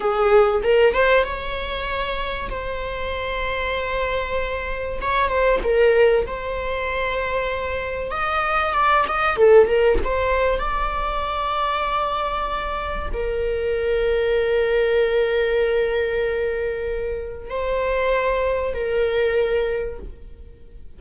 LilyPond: \new Staff \with { instrumentName = "viola" } { \time 4/4 \tempo 4 = 96 gis'4 ais'8 c''8 cis''2 | c''1 | cis''8 c''8 ais'4 c''2~ | c''4 dis''4 d''8 dis''8 a'8 ais'8 |
c''4 d''2.~ | d''4 ais'2.~ | ais'1 | c''2 ais'2 | }